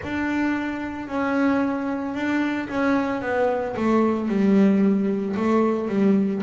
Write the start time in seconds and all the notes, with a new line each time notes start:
0.03 D4
1.07 C#4
2.14 D4
2.68 C#4
3.21 B3
3.76 A3
4.28 G3
5.36 A3
5.88 G3